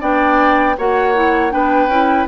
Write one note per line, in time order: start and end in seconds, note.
0.00 0.78 B3
0.00 0.76 D4
0.00 0.76 D5
0.00 0.78 G5
0.78 1.54 A#3
0.78 1.15 F#4
0.78 1.53 C#5
0.78 1.51 F#5
1.15 1.50 E4
1.50 1.88 B3
1.50 1.88 D4
1.50 2.28 B4
1.50 2.27 G5
1.88 2.26 C#4
1.88 2.28 E4